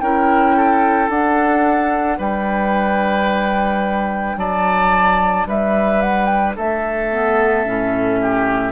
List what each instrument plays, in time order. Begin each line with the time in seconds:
0.00 bassoon C#4, clarinet E4, oboe A#4, flute G5
0.56 oboe A4
1.09 bassoon D4, clarinet D4, flute F#5
2.18 bassoon G3, oboe B4, flute G5
4.37 bassoon F#3, oboe D5, flute A5
5.47 bassoon G3, oboe B4, flute E5
6.02 flute F#5
6.25 flute G5
6.56 bassoon A3, oboe A4, flute E5
7.11 clarinet B3
7.65 bassoon A2, clarinet C#4
8.21 oboe G4